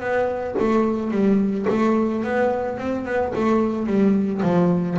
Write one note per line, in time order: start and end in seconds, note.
0.00 0.55 B3
0.59 1.11 A3
1.11 1.66 G3
1.69 2.23 A3
2.23 2.77 B3
2.77 3.05 C4
3.05 3.33 B3
3.35 3.86 A3
3.86 4.41 G3
4.42 4.97 F3